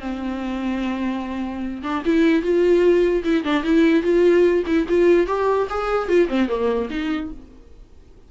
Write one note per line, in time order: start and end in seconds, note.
0.00 1.82 C4
1.83 2.03 D4
2.05 2.42 E4
2.42 3.23 F4
3.24 3.44 E4
3.44 3.63 D4
3.63 4.03 E4
4.03 4.64 F4
4.66 4.87 E4
4.88 5.27 F4
5.27 5.68 G4
5.70 6.08 G#4
6.08 6.28 F4
6.28 6.48 C4
6.48 6.89 A#3
6.90 7.31 D#4